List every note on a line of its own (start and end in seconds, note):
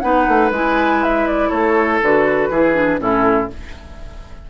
0.00 0.27 B3
0.00 0.51 D#4
0.00 1.49 B4
0.00 0.50 F#5
0.28 0.50 A3
0.50 1.50 G#3
0.50 2.02 E4
0.50 1.03 G#5
1.03 1.27 E5
1.27 1.50 D5
1.49 2.01 A3
1.49 2.48 A4
1.49 1.99 C#5
2.02 2.49 D3
2.02 2.52 F#4
2.02 3.00 B4
2.49 2.99 E3
2.49 2.74 E4
2.49 3.00 G#4
2.74 2.98 D4
2.98 3.49 A2
2.98 3.48 C#4
2.98 3.50 E4
2.98 3.49 A4